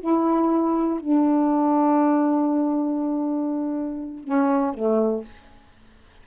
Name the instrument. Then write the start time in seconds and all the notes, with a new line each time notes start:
saxophone
0.00 E4
1.00 D4
4.24 C#4
4.74 A3